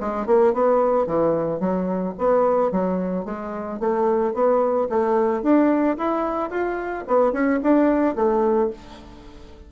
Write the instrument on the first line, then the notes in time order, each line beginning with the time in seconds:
bassoon
0.00 G#3
0.26 A#3
0.53 B3
1.06 E3
1.59 F#3
2.18 B3
2.71 F#3
3.25 G#3
3.80 A3
4.33 B3
4.89 A3
5.42 D4
5.97 E4
6.50 F4
7.07 B3
7.32 C#4
7.63 D4
8.15 A3